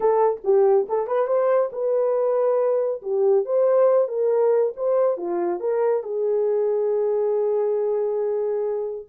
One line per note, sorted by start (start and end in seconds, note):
0.00 0.40 A4
0.43 0.87 G4
0.88 1.07 A4
1.07 1.27 B4
1.27 1.70 C5
1.72 3.01 B4
3.02 3.45 G4
3.45 4.08 C5
4.08 4.72 A#4
4.76 5.17 C5
5.17 5.60 F4
5.60 6.03 A#4
6.03 9.05 G#4